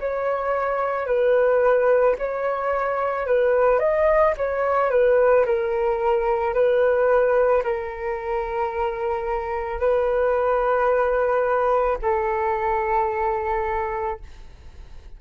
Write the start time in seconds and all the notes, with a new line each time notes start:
0.00 C#5
1.06 B4
2.18 C#5
3.26 B4
3.79 D#5
4.37 C#5
4.90 B4
5.45 A#4
6.54 B4
7.63 A#4
9.79 B4
12.02 A4